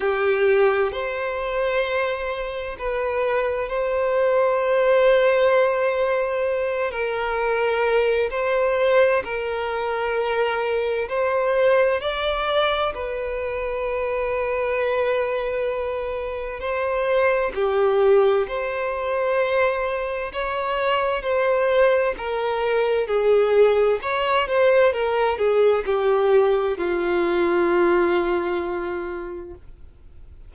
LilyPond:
\new Staff \with { instrumentName = "violin" } { \time 4/4 \tempo 4 = 65 g'4 c''2 b'4 | c''2.~ c''8 ais'8~ | ais'4 c''4 ais'2 | c''4 d''4 b'2~ |
b'2 c''4 g'4 | c''2 cis''4 c''4 | ais'4 gis'4 cis''8 c''8 ais'8 gis'8 | g'4 f'2. | }